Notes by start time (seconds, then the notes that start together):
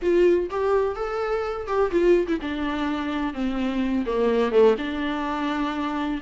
0.02 F4
0.50 G4
0.95 A4
1.67 G4
1.91 F4
2.27 E4
2.41 D4
3.33 C4
4.05 A#3
4.51 A3
4.77 D4